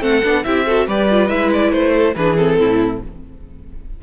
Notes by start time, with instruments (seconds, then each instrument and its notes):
0.00 cello A3, viola C4, violin A4 F#5
0.24 cello B3, viola D4
0.44 cello C4, viola E4, violin G4 E5
0.66 viola F#4, violin A4
0.87 cello G3, viola G4, violin B4 D5
1.11 viola F4
1.28 cello G#3, viola E4, violin E5
1.53 violin D5
1.72 cello A3, violin C5
1.93 violin A4
2.15 cello E3, viola D4, violin G#4 B4
2.37 viola C4, violin A4
2.59 cello A2, violin E4